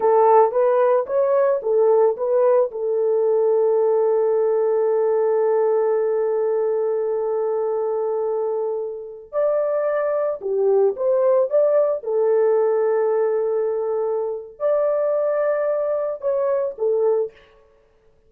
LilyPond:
\new Staff \with { instrumentName = "horn" } { \time 4/4 \tempo 4 = 111 a'4 b'4 cis''4 a'4 | b'4 a'2.~ | a'1~ | a'1~ |
a'4~ a'16 d''2 g'8.~ | g'16 c''4 d''4 a'4.~ a'16~ | a'2. d''4~ | d''2 cis''4 a'4 | }